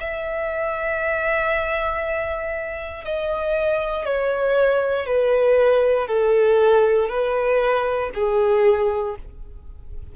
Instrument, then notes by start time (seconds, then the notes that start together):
violin
0.00 E5
3.05 D#5
4.05 C#5
5.07 B4
6.08 A4
7.09 B4
8.14 G#4